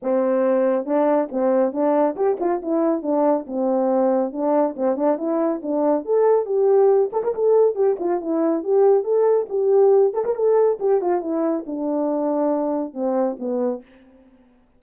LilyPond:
\new Staff \with { instrumentName = "horn" } { \time 4/4 \tempo 4 = 139 c'2 d'4 c'4 | d'4 g'8 f'8 e'4 d'4 | c'2 d'4 c'8 d'8 | e'4 d'4 a'4 g'4~ |
g'8 a'16 ais'16 a'4 g'8 f'8 e'4 | g'4 a'4 g'4. a'16 ais'16 | a'4 g'8 f'8 e'4 d'4~ | d'2 c'4 b4 | }